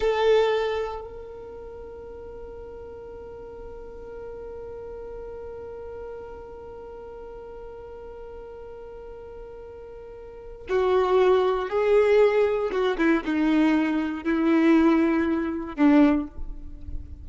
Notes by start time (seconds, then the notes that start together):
0.00 A4
1.01 A#4
10.69 F#4
11.69 G#4
12.71 F#4
12.97 E4
13.25 D#4
14.23 E4
15.76 D4